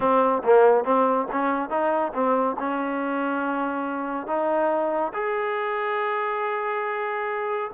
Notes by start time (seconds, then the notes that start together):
0.00 C4
0.43 A#3
0.84 C4
1.31 C#4
1.69 D#4
2.13 C4
2.59 C#4
4.26 D#4
5.13 G#4